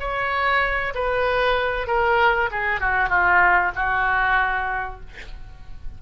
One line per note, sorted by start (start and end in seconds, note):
0.00 0.94 C#5
0.95 1.88 B4
1.88 2.50 A#4
2.51 2.80 G#4
2.80 3.09 F#4
3.09 3.72 F4
3.76 5.01 F#4